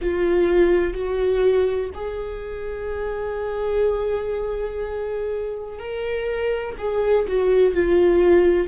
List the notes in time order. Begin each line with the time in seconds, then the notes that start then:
0.00 F4
0.93 F#4
1.94 G#4
5.78 A#4
6.77 G#4
7.27 F#4
7.74 F4